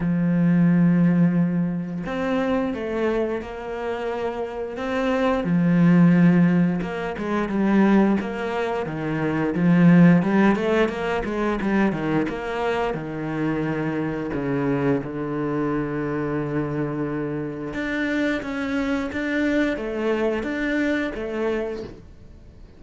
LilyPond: \new Staff \with { instrumentName = "cello" } { \time 4/4 \tempo 4 = 88 f2. c'4 | a4 ais2 c'4 | f2 ais8 gis8 g4 | ais4 dis4 f4 g8 a8 |
ais8 gis8 g8 dis8 ais4 dis4~ | dis4 cis4 d2~ | d2 d'4 cis'4 | d'4 a4 d'4 a4 | }